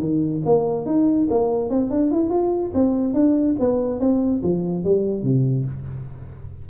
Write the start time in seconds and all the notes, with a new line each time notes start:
0.00 D#3
0.46 A#3
0.86 D#4
1.30 A#3
1.70 C4
1.91 D4
2.11 E4
2.30 F4
2.74 C4
3.14 D4
3.60 B3
4.00 C4
4.43 F3
4.84 G3
5.23 C3